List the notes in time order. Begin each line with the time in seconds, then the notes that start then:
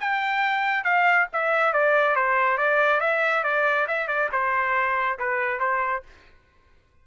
0.00 G5
0.84 F5
1.33 E5
1.73 D5
2.15 C5
2.57 D5
3.00 E5
3.43 D5
3.88 E5
4.08 D5
4.32 C5
5.18 B4
5.60 C5